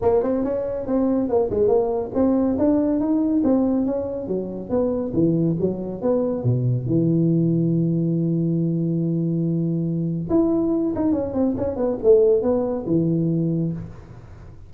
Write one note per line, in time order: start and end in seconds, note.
0.01 0.23 A#3
0.23 0.43 C4
0.43 0.86 C#4
0.86 1.28 C4
1.28 1.50 A#3
1.50 1.68 G#3
1.68 2.11 A#3
2.14 2.57 C4
2.58 3.00 D4
3.00 3.42 D#4
3.43 3.86 C4
3.86 4.27 C#4
4.27 4.69 F#3
4.69 5.12 B3
5.13 5.56 E3
5.60 6.01 F#3
6.01 6.43 B3
6.43 6.86 B2
6.86 10.29 E3
10.29 10.93 E4
10.95 11.12 D#4
11.12 11.33 C#4
11.33 11.55 C4
11.57 11.76 C#4
11.76 11.98 B3
12.03 12.42 A3
12.42 12.85 B3
12.86 13.72 E3